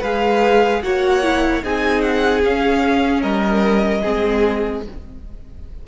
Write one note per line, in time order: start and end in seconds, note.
0.00 0.82 G#3
0.00 0.83 G#4
0.00 0.80 B4
0.00 0.82 F5
0.82 1.63 A#3
0.82 1.23 F#4
0.82 1.63 C#5
0.82 1.62 F#5
1.23 1.62 E4
1.63 2.44 C4
1.63 2.43 D#4
1.63 3.21 G#4
1.63 2.01 G#5
2.01 2.41 F#5
2.43 4.03 C#4
2.43 3.22 C#4
2.43 3.22 F5
3.21 4.02 G3
3.21 4.01 A#4
3.21 4.82 D#5
4.02 4.87 G#3
4.02 4.83 C4
4.02 4.82 G#4